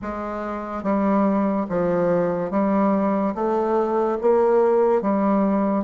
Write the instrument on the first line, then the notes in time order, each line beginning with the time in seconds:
bassoon
0.02 G#3
0.83 G3
1.69 F3
2.50 G3
3.34 A3
4.21 A#3
5.01 G3